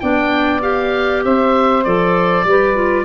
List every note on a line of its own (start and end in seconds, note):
0.00 1.25 B3
0.00 0.61 D4
0.00 1.23 D5
0.00 0.61 G5
0.61 1.83 G4
0.61 1.23 F5
1.24 1.86 C4
1.24 2.46 C5
1.24 1.84 E5
1.84 2.44 F3
1.84 2.46 A4
1.84 3.05 D5
2.44 3.05 G3
2.44 2.74 G4
2.44 3.05 B4
2.74 3.05 F4